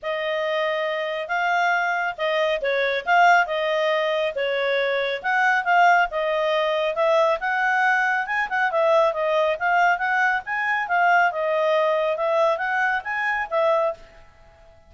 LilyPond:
\new Staff \with { instrumentName = "clarinet" } { \time 4/4 \tempo 4 = 138 dis''2. f''4~ | f''4 dis''4 cis''4 f''4 | dis''2 cis''2 | fis''4 f''4 dis''2 |
e''4 fis''2 gis''8 fis''8 | e''4 dis''4 f''4 fis''4 | gis''4 f''4 dis''2 | e''4 fis''4 gis''4 e''4 | }